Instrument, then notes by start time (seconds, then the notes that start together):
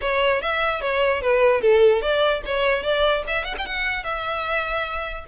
violin
0.01 C#5
0.41 E5
0.81 C#5
1.21 B4
1.61 A4
2.01 D5
2.45 C#5
2.82 D5
3.27 E5
3.44 F#5
3.58 G5
3.66 F#5
4.03 E5